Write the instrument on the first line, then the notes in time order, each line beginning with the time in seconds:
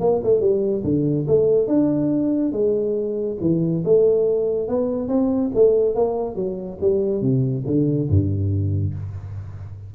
tuba
0.00 A#3
0.23 A3
0.40 G3
0.83 D3
1.27 A3
1.67 D4
2.52 G#3
3.40 E3
3.84 A3
4.68 B3
5.08 C4
5.55 A3
5.95 A#3
6.35 F#3
6.81 G3
7.21 C3
7.66 D3
8.09 G2